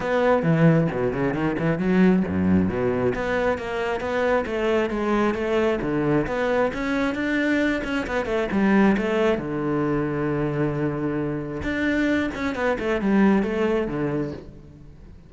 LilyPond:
\new Staff \with { instrumentName = "cello" } { \time 4/4 \tempo 4 = 134 b4 e4 b,8 cis8 dis8 e8 | fis4 fis,4 b,4 b4 | ais4 b4 a4 gis4 | a4 d4 b4 cis'4 |
d'4. cis'8 b8 a8 g4 | a4 d2.~ | d2 d'4. cis'8 | b8 a8 g4 a4 d4 | }